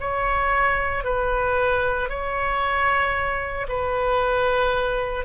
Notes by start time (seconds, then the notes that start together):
0.00 C#5
1.04 B4
2.09 C#5
3.68 B4